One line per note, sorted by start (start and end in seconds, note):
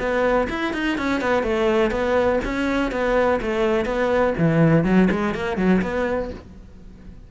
0.00 0.48 B3
0.49 0.74 E4
0.74 0.98 D#4
0.98 1.21 C#4
1.21 1.43 B3
1.43 1.91 A3
1.91 2.40 B3
2.45 2.92 C#4
2.92 3.40 B3
3.42 3.86 A3
3.86 4.34 B3
4.38 4.85 E3
4.85 5.09 F#3
5.11 5.35 G#3
5.35 5.58 A#3
5.58 5.82 F#3
5.82 6.31 B3